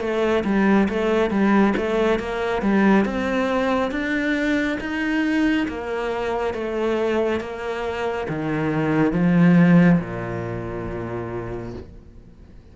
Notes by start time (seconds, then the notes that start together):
0.00 A3
0.45 G3
0.89 A3
1.30 G3
1.77 A3
2.19 A#3
2.62 G3
3.06 C4
3.91 D4
4.81 D#4
5.68 A#3
6.54 A3
7.40 A#3
8.29 D#3
9.12 F3
10.00 A#2